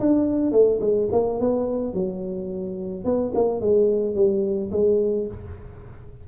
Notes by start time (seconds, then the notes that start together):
0.00 D4
0.52 A3
0.81 G#3
1.12 A#3
1.40 B3
1.94 F#3
3.05 B3
3.35 A#3
3.61 G#3
4.15 G3
4.72 G#3